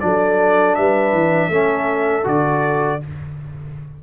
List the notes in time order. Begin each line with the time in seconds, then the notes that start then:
0.00 F#3 D4 A4 D5
0.75 G3 B4 E5
1.13 E3
1.49 A3 C#4 A4
2.24 D3 F#4 D5